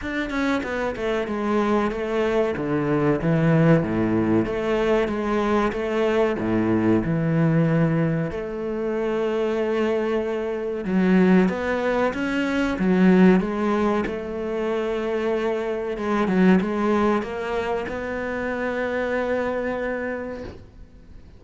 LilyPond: \new Staff \with { instrumentName = "cello" } { \time 4/4 \tempo 4 = 94 d'8 cis'8 b8 a8 gis4 a4 | d4 e4 a,4 a4 | gis4 a4 a,4 e4~ | e4 a2.~ |
a4 fis4 b4 cis'4 | fis4 gis4 a2~ | a4 gis8 fis8 gis4 ais4 | b1 | }